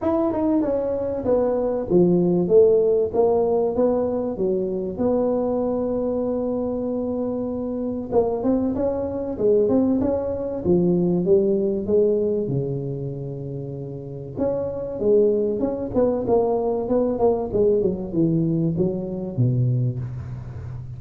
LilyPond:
\new Staff \with { instrumentName = "tuba" } { \time 4/4 \tempo 4 = 96 e'8 dis'8 cis'4 b4 f4 | a4 ais4 b4 fis4 | b1~ | b4 ais8 c'8 cis'4 gis8 c'8 |
cis'4 f4 g4 gis4 | cis2. cis'4 | gis4 cis'8 b8 ais4 b8 ais8 | gis8 fis8 e4 fis4 b,4 | }